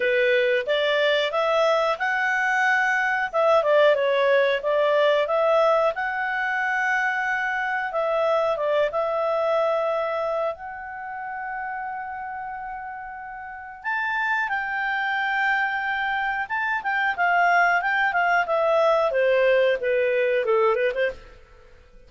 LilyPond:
\new Staff \with { instrumentName = "clarinet" } { \time 4/4 \tempo 4 = 91 b'4 d''4 e''4 fis''4~ | fis''4 e''8 d''8 cis''4 d''4 | e''4 fis''2. | e''4 d''8 e''2~ e''8 |
fis''1~ | fis''4 a''4 g''2~ | g''4 a''8 g''8 f''4 g''8 f''8 | e''4 c''4 b'4 a'8 b'16 c''16 | }